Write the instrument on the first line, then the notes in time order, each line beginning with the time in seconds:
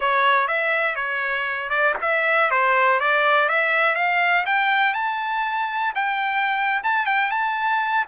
trumpet
0.00 C#5
0.47 E5
0.95 C#5
1.69 D5
2.01 E5
2.50 C5
3.00 D5
3.48 E5
3.95 F5
4.46 G5
4.94 A5
5.95 G5
6.83 A5
7.05 G5
7.30 A5